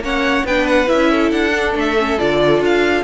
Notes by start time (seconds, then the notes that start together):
0.00 A#3 C#4 C#5 F#5
0.44 B3 D4 B4 G5
0.67 F#5
0.87 C#4 E4 E5
1.11 A4
1.31 D4 F#5
1.52 D4
1.75 A3 E5
1.99 C#4
2.19 D3 F4 D5
2.60 D4 F5